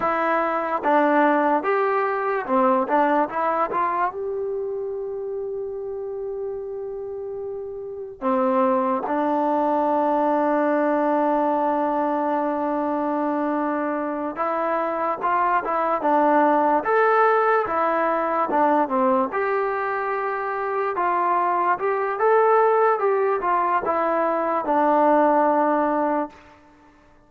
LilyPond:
\new Staff \with { instrumentName = "trombone" } { \time 4/4 \tempo 4 = 73 e'4 d'4 g'4 c'8 d'8 | e'8 f'8 g'2.~ | g'2 c'4 d'4~ | d'1~ |
d'4. e'4 f'8 e'8 d'8~ | d'8 a'4 e'4 d'8 c'8 g'8~ | g'4. f'4 g'8 a'4 | g'8 f'8 e'4 d'2 | }